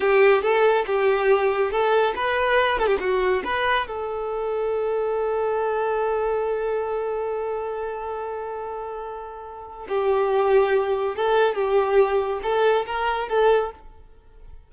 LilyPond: \new Staff \with { instrumentName = "violin" } { \time 4/4 \tempo 4 = 140 g'4 a'4 g'2 | a'4 b'4. a'16 g'16 fis'4 | b'4 a'2.~ | a'1~ |
a'1~ | a'2. g'4~ | g'2 a'4 g'4~ | g'4 a'4 ais'4 a'4 | }